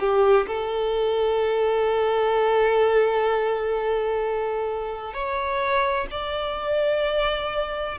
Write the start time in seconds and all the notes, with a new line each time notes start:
0.00 G4
0.47 A4
5.14 C#5
6.11 D5